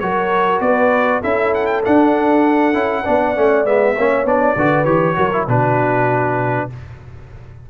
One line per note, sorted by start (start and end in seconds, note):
0.00 0.60 F#3
0.00 1.23 F#4
0.00 0.64 A#4
0.00 0.61 C#5
0.60 1.21 B3
0.60 1.21 B4
0.60 1.22 D5
1.21 1.85 C#4
1.21 1.84 E4
1.21 3.03 A4
1.21 1.54 E5
1.54 1.67 F#5
1.67 1.82 G5
1.85 2.74 D4
1.85 3.66 F#5
2.74 3.04 C#4
2.74 3.04 E4
3.04 3.37 B3
3.04 3.36 D4
3.04 3.95 D5
3.36 3.65 A3
3.36 3.65 C#4
3.65 3.96 G#3
3.65 3.96 B3
3.65 4.27 E5
3.96 4.25 A#3
3.96 4.26 C#4
3.96 4.56 C#5
4.25 4.55 B3
4.25 4.56 D4
4.25 4.85 D5
4.56 4.85 D3
4.56 4.86 F#4
4.56 5.17 B4
4.85 5.15 E3
4.85 5.15 G4
4.85 5.45 C#5
5.15 5.47 F#3
5.15 5.30 F#4
5.15 5.47 A#4
5.33 5.48 E4
5.47 6.68 B2
5.47 6.70 D4
5.47 6.68 F#4
5.47 6.70 B4